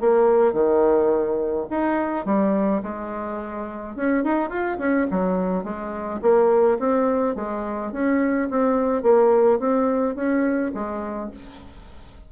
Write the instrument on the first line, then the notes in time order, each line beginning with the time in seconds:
bassoon
0.00 A#3
0.53 D#3
1.70 D#4
2.25 G3
2.82 G#3
3.95 C#4
4.24 D#4
4.49 F4
4.78 C#4
5.11 F#3
5.63 G#3
6.22 A#3
6.79 C4
7.35 G#3
7.92 C#4
8.50 C4
9.03 A#3
9.59 C4
10.15 C#4
10.74 G#3